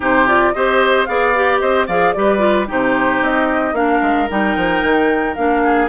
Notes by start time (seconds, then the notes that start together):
0.00 C3 D#4 G4 C5
0.26 F4 D5
0.53 C4 G4 C5 D#5
1.05 B3 G#4 D5 F5
1.35 G4
1.59 C4 C5 D#5
1.86 F3 G#4 D5 F5
2.12 G3 G4 B4 D5
2.38 F4
2.67 C3 D#4 G4 C5
3.21 C4 D#5
3.73 A#3 D4 A#4 F5
4.01 G#3
4.28 G3 D#4 G5
4.56 F3
4.83 D#3
5.34 A#3 D4 F5
5.63 G#4